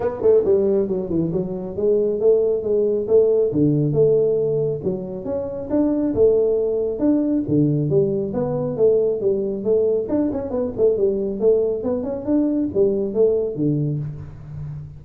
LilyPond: \new Staff \with { instrumentName = "tuba" } { \time 4/4 \tempo 4 = 137 b8 a8 g4 fis8 e8 fis4 | gis4 a4 gis4 a4 | d4 a2 fis4 | cis'4 d'4 a2 |
d'4 d4 g4 b4 | a4 g4 a4 d'8 cis'8 | b8 a8 g4 a4 b8 cis'8 | d'4 g4 a4 d4 | }